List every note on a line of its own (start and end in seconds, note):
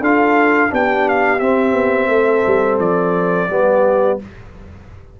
0.00 0.70 D4
0.00 0.69 F4
0.00 0.71 A4
0.00 0.73 F5
0.69 1.40 B3
0.69 1.39 D4
0.69 2.10 G4
0.69 1.08 G5
1.08 1.39 F5
1.39 3.49 C4
1.39 1.72 C4
1.39 2.79 E5
1.72 2.07 B3
2.07 2.42 A3
2.07 3.50 A4
2.46 2.79 G3
2.79 3.49 F3
2.79 4.19 D5
3.49 4.19 G3
3.49 4.19 B3
3.49 4.20 G4